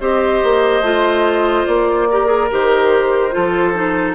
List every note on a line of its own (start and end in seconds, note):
0.00 0.42 C4
0.00 0.83 G4
0.00 2.09 C5
0.00 1.66 D#5
0.43 0.81 A#3
0.81 1.64 A3
0.81 2.08 F4
1.66 2.51 A#3
1.66 2.50 D5
2.11 2.27 G4
2.11 3.35 A#4
2.27 2.47 G#4
2.51 3.35 D#3
2.51 3.31 G4
2.51 4.15 C5
3.31 4.15 F3
3.31 3.73 F4
3.31 4.15 A4
3.74 4.15 D#4